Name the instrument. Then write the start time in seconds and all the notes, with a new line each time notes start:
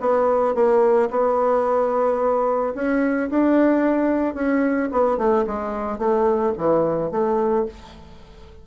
bassoon
0.00 B3
0.55 A#3
1.10 B3
2.75 C#4
3.30 D4
4.34 C#4
4.91 B3
5.17 A3
5.46 G#3
5.98 A3
6.57 E3
7.11 A3